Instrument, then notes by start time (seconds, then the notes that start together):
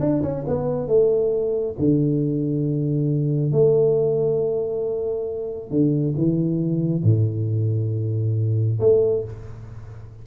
tuba
0.00 D4
0.22 C#4
0.47 B3
0.87 A3
1.79 D3
3.52 A3
5.70 D3
6.17 E3
7.03 A2
8.80 A3